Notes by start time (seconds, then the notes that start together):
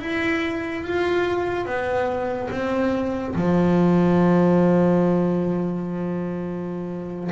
0.00 E4
0.83 F4
1.66 B3
2.51 C4
3.35 F3